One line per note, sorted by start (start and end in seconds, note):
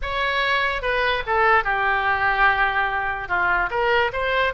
0.02 0.82 C#5
0.82 1.23 B4
1.26 1.63 A4
1.63 3.28 G4
3.28 3.69 F4
3.70 4.11 A#4
4.12 4.53 C5